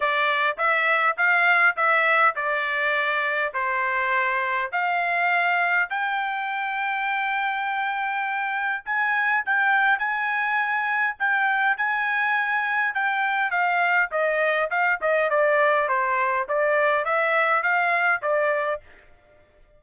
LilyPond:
\new Staff \with { instrumentName = "trumpet" } { \time 4/4 \tempo 4 = 102 d''4 e''4 f''4 e''4 | d''2 c''2 | f''2 g''2~ | g''2. gis''4 |
g''4 gis''2 g''4 | gis''2 g''4 f''4 | dis''4 f''8 dis''8 d''4 c''4 | d''4 e''4 f''4 d''4 | }